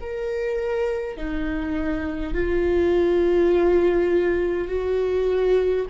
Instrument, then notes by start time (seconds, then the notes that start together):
viola
0.00 A#4
1.17 D#4
2.34 F4
4.68 F#4